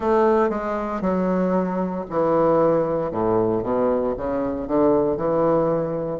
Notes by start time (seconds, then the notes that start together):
0.00 A3
0.49 G#3
1.01 F#3
2.09 E3
3.11 A2
3.62 B2
4.17 C#3
4.67 D3
5.16 E3